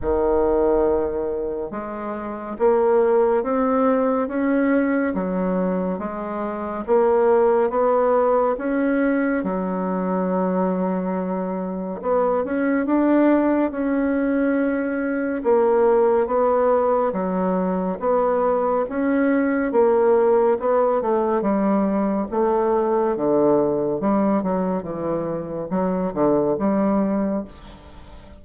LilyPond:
\new Staff \with { instrumentName = "bassoon" } { \time 4/4 \tempo 4 = 70 dis2 gis4 ais4 | c'4 cis'4 fis4 gis4 | ais4 b4 cis'4 fis4~ | fis2 b8 cis'8 d'4 |
cis'2 ais4 b4 | fis4 b4 cis'4 ais4 | b8 a8 g4 a4 d4 | g8 fis8 e4 fis8 d8 g4 | }